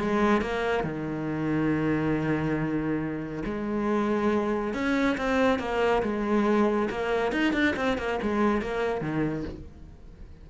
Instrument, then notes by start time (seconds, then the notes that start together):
cello
0.00 G#3
0.42 A#3
0.84 D#3
3.45 G#3
4.74 C#4
5.17 C4
5.59 A#3
6.03 G#3
6.90 A#3
7.32 D#4
7.53 D4
7.76 C4
7.98 A#3
8.22 G#3
8.61 A#3
9.01 D#3